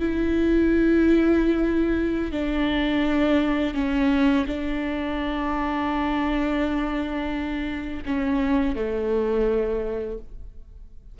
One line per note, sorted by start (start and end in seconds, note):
0.00 2.32 E4
2.32 3.74 D4
3.74 4.46 C#4
4.47 8.04 D4
8.05 8.75 C#4
8.75 10.18 A3